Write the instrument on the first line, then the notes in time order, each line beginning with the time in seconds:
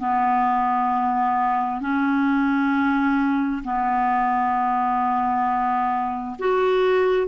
clarinet
0.00 B3
1.81 C#4
3.64 B3
6.40 F#4